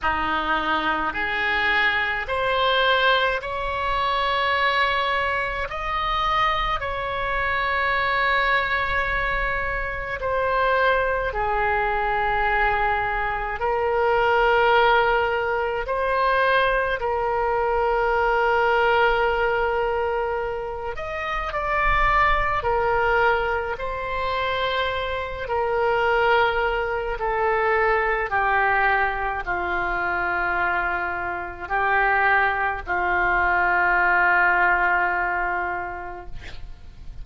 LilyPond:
\new Staff \with { instrumentName = "oboe" } { \time 4/4 \tempo 4 = 53 dis'4 gis'4 c''4 cis''4~ | cis''4 dis''4 cis''2~ | cis''4 c''4 gis'2 | ais'2 c''4 ais'4~ |
ais'2~ ais'8 dis''8 d''4 | ais'4 c''4. ais'4. | a'4 g'4 f'2 | g'4 f'2. | }